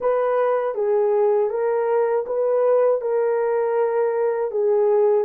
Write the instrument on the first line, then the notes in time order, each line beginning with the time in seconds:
horn
0.00 B4
0.75 G#4
1.50 A#4
2.26 B4
3.01 A#4
4.51 G#4